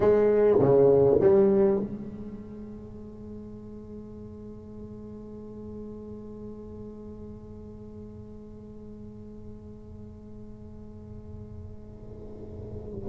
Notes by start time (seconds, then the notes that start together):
0.00 G#3
0.59 C#3
1.20 G3
1.79 G#3